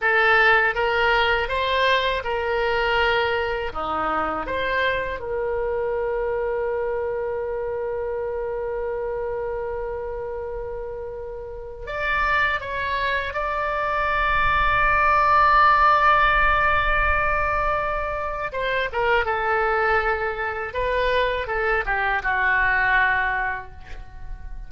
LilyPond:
\new Staff \with { instrumentName = "oboe" } { \time 4/4 \tempo 4 = 81 a'4 ais'4 c''4 ais'4~ | ais'4 dis'4 c''4 ais'4~ | ais'1~ | ais'1 |
d''4 cis''4 d''2~ | d''1~ | d''4 c''8 ais'8 a'2 | b'4 a'8 g'8 fis'2 | }